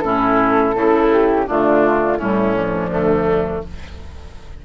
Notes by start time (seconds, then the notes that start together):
0.00 A2 C#4 E4 A4
0.75 C#3 A3 E4
1.12 G4
1.47 D3 A3 D4 F4
2.18 A2 G3 C#4 E4
2.55 F3 D4
2.90 D2 A3